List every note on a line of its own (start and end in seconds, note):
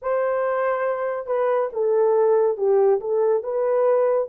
0.02 1.26 C5
1.26 1.69 B4
1.72 2.57 A4
2.57 3.00 G4
3.00 3.43 A4
3.43 4.29 B4